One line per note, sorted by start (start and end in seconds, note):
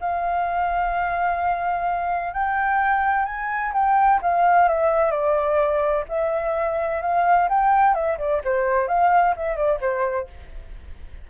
0.00 2.33 F5
2.33 3.25 G5
3.25 3.72 G#5
3.73 4.20 G5
4.22 4.68 F5
4.68 5.11 E5
5.11 6.04 D5
6.09 7.02 E5
7.02 7.49 F5
7.49 7.94 G5
7.94 8.18 E5
8.18 8.41 D5
8.44 8.88 C5
8.88 9.35 F5
9.36 9.56 E5
9.56 9.79 D5
9.80 10.27 C5